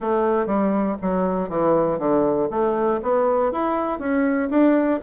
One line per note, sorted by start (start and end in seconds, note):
0.00 0.46 A3
0.46 0.96 G3
1.01 1.49 F#3
1.49 1.99 E3
1.99 2.49 D3
2.50 3.00 A3
3.02 3.51 B3
3.51 3.99 E4
3.99 4.49 C#4
4.50 5.00 D4